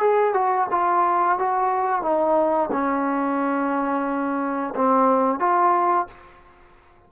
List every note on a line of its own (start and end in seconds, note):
0.00 0.34 G#4
0.34 0.67 F#4
0.71 1.39 F4
1.39 2.02 F#4
2.02 2.70 D#4
2.72 4.74 C#4
4.76 5.39 C4
5.39 6.07 F4